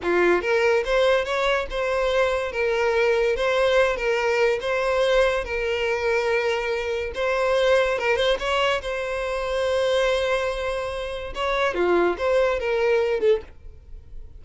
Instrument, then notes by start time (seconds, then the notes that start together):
violin
0.02 F4
0.41 A#4
0.84 C5
1.24 C#5
1.70 C5
2.52 A#4
3.35 C5
3.96 A#4
4.60 C5
5.44 A#4
7.14 C5
7.98 A#4
8.16 C5
8.39 C#5
8.81 C5
11.35 C#5
11.74 F4
12.18 C5
12.59 A#4
13.20 A4